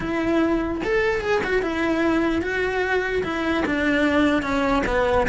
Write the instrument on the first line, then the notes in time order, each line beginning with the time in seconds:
cello
0.00 E4
0.84 A4
1.20 G#4
1.44 F#4
1.62 E4
2.42 F#4
3.23 E4
3.65 D4
4.42 C#4
4.86 B3